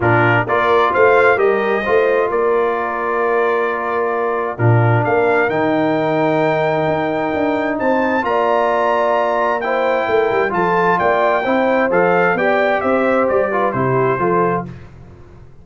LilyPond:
<<
  \new Staff \with { instrumentName = "trumpet" } { \time 4/4 \tempo 4 = 131 ais'4 d''4 f''4 dis''4~ | dis''4 d''2.~ | d''2 ais'4 f''4 | g''1~ |
g''4 a''4 ais''2~ | ais''4 g''2 a''4 | g''2 f''4 g''4 | e''4 d''4 c''2 | }
  \new Staff \with { instrumentName = "horn" } { \time 4/4 f'4 ais'4 c''4 ais'4 | c''4 ais'2.~ | ais'2 f'4 ais'4~ | ais'1~ |
ais'4 c''4 d''2~ | d''4 c''4 ais'4 a'4 | d''4 c''2 d''4 | c''4. b'8 g'4 a'4 | }
  \new Staff \with { instrumentName = "trombone" } { \time 4/4 d'4 f'2 g'4 | f'1~ | f'2 d'2 | dis'1~ |
dis'2 f'2~ | f'4 e'2 f'4~ | f'4 e'4 a'4 g'4~ | g'4. f'8 e'4 f'4 | }
  \new Staff \with { instrumentName = "tuba" } { \time 4/4 ais,4 ais4 a4 g4 | a4 ais2.~ | ais2 ais,4 ais4 | dis2. dis'4 |
d'4 c'4 ais2~ | ais2 a8 g8 f4 | ais4 c'4 f4 b4 | c'4 g4 c4 f4 | }
>>